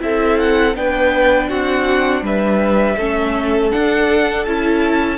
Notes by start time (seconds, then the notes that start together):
0.00 C4 E4 A4 E5
0.39 F#5
0.75 B3 D4 B4 G5
1.49 C4 F#4 F#5
2.22 G3 B4 E5
2.96 A3 C#4 A4
3.71 D4 F#5
4.45 C#4 E4 A5